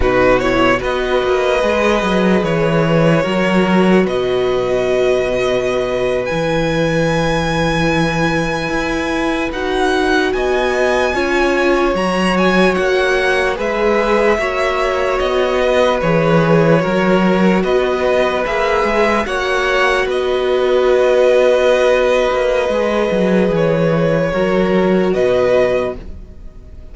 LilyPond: <<
  \new Staff \with { instrumentName = "violin" } { \time 4/4 \tempo 4 = 74 b'8 cis''8 dis''2 cis''4~ | cis''4 dis''2~ dis''8. gis''16~ | gis''2.~ gis''8. fis''16~ | fis''8. gis''2 ais''8 gis''8 fis''16~ |
fis''8. e''2 dis''4 cis''16~ | cis''4.~ cis''16 dis''4 e''4 fis''16~ | fis''8. dis''2.~ dis''16~ | dis''4 cis''2 dis''4 | }
  \new Staff \with { instrumentName = "violin" } { \time 4/4 fis'4 b'2. | ais'4 b'2.~ | b'1~ | b'8. dis''4 cis''2~ cis''16~ |
cis''8. b'4 cis''4. b'8.~ | b'8. ais'4 b'2 cis''16~ | cis''8. b'2.~ b'16~ | b'2 ais'4 b'4 | }
  \new Staff \with { instrumentName = "viola" } { \time 4/4 dis'8 e'8 fis'4 gis'2 | fis'2.~ fis'8. e'16~ | e'2.~ e'8. fis'16~ | fis'4.~ fis'16 f'4 fis'4~ fis'16~ |
fis'8. gis'4 fis'2 gis'16~ | gis'8. fis'2 gis'4 fis'16~ | fis'1 | gis'2 fis'2 | }
  \new Staff \with { instrumentName = "cello" } { \time 4/4 b,4 b8 ais8 gis8 fis8 e4 | fis4 b,2~ b,8. e16~ | e2~ e8. e'4 dis'16~ | dis'8. b4 cis'4 fis4 ais16~ |
ais8. gis4 ais4 b4 e16~ | e8. fis4 b4 ais8 gis8 ais16~ | ais8. b2~ b8. ais8 | gis8 fis8 e4 fis4 b,4 | }
>>